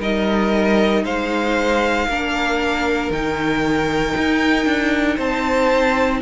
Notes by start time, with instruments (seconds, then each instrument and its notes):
0.00 cello G3, viola D#4, violin A#4 D#5
1.03 cello G#3, violin C5 F5
2.08 cello A#3, viola D4, violin A#4
3.10 cello D#3, viola D#4, violin G5
4.17 cello D#4
4.66 cello D4
5.16 cello C4, violin C5 A5